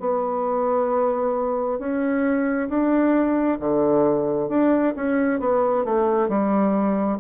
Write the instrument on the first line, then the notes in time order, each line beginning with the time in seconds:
bassoon
0.00 B3
1.79 C#4
2.69 D4
3.60 D3
4.49 D4
4.96 C#4
5.40 B3
5.85 A3
6.29 G3